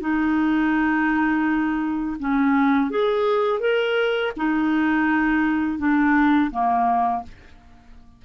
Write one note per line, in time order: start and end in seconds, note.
0.00 2.17 D#4
2.19 2.90 C#4
2.90 3.59 G#4
3.59 4.32 A#4
4.37 5.78 D#4
5.78 6.51 D4
6.51 7.23 A#3